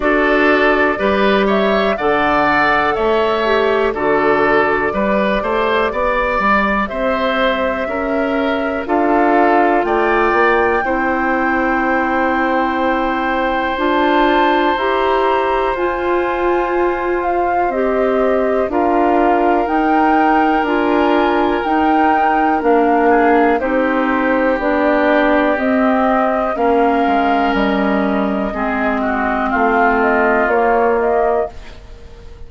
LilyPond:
<<
  \new Staff \with { instrumentName = "flute" } { \time 4/4 \tempo 4 = 61 d''4. e''8 fis''4 e''4 | d''2. e''4~ | e''4 f''4 g''2~ | g''2 a''4 ais''4 |
gis''4. f''8 dis''4 f''4 | g''4 gis''4 g''4 f''4 | c''4 d''4 dis''4 f''4 | dis''2 f''8 dis''8 cis''8 dis''8 | }
  \new Staff \with { instrumentName = "oboe" } { \time 4/4 a'4 b'8 cis''8 d''4 cis''4 | a'4 b'8 c''8 d''4 c''4 | ais'4 a'4 d''4 c''4~ | c''1~ |
c''2. ais'4~ | ais'2.~ ais'8 gis'8 | g'2. ais'4~ | ais'4 gis'8 fis'8 f'2 | }
  \new Staff \with { instrumentName = "clarinet" } { \time 4/4 fis'4 g'4 a'4. g'8 | fis'4 g'2.~ | g'4 f'2 e'4~ | e'2 f'4 g'4 |
f'2 g'4 f'4 | dis'4 f'4 dis'4 d'4 | dis'4 d'4 c'4 cis'4~ | cis'4 c'2 ais4 | }
  \new Staff \with { instrumentName = "bassoon" } { \time 4/4 d'4 g4 d4 a4 | d4 g8 a8 b8 g8 c'4 | cis'4 d'4 a8 ais8 c'4~ | c'2 d'4 e'4 |
f'2 c'4 d'4 | dis'4 d'4 dis'4 ais4 | c'4 b4 c'4 ais8 gis8 | g4 gis4 a4 ais4 | }
>>